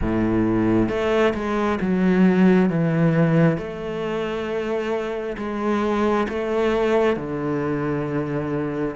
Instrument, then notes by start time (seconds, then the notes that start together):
cello
0.01 A2
0.88 A3
1.34 G#3
1.80 F#3
2.69 E3
3.57 A3
5.37 G#3
6.28 A3
7.16 D3